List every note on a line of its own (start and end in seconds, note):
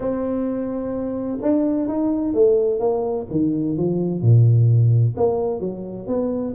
0.00 1.38 C4
1.41 1.87 D4
1.87 2.34 D#4
2.34 2.79 A3
2.79 3.26 A#3
3.30 3.77 D#3
3.77 4.21 F3
4.21 5.15 A#2
5.16 5.60 A#3
5.60 6.07 F#3
6.07 6.54 B3